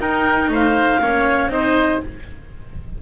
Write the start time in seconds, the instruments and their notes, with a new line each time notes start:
0.00 cello D#4, double bass D#4, oboe A#4, clarinet G5
0.49 double bass A3, oboe C5
0.55 clarinet F5
1.00 double bass A#3, cello C#4, oboe C#5
1.47 double bass C4, cello D#4, clarinet D#5
1.53 oboe C5